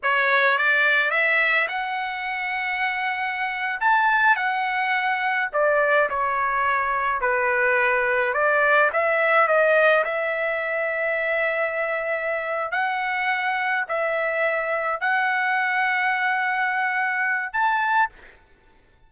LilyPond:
\new Staff \with { instrumentName = "trumpet" } { \time 4/4 \tempo 4 = 106 cis''4 d''4 e''4 fis''4~ | fis''2~ fis''8. a''4 fis''16~ | fis''4.~ fis''16 d''4 cis''4~ cis''16~ | cis''8. b'2 d''4 e''16~ |
e''8. dis''4 e''2~ e''16~ | e''2~ e''8 fis''4.~ | fis''8 e''2 fis''4.~ | fis''2. a''4 | }